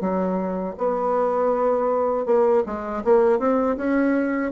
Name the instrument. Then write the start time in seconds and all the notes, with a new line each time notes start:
bassoon
0.00 F#3
0.77 B3
2.26 A#3
2.66 G#3
3.04 A#3
3.39 C4
3.77 C#4